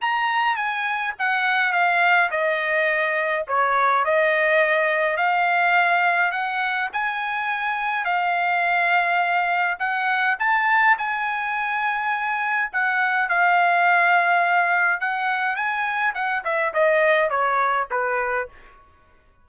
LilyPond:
\new Staff \with { instrumentName = "trumpet" } { \time 4/4 \tempo 4 = 104 ais''4 gis''4 fis''4 f''4 | dis''2 cis''4 dis''4~ | dis''4 f''2 fis''4 | gis''2 f''2~ |
f''4 fis''4 a''4 gis''4~ | gis''2 fis''4 f''4~ | f''2 fis''4 gis''4 | fis''8 e''8 dis''4 cis''4 b'4 | }